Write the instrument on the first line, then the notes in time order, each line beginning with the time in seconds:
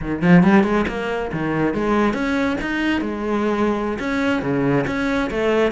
cello
0.01 D#3
0.22 F3
0.43 G3
0.63 G#3
0.88 A#3
1.32 D#3
1.74 G#3
2.13 C#4
2.61 D#4
3.01 G#3
3.99 C#4
4.41 C#3
4.86 C#4
5.30 A3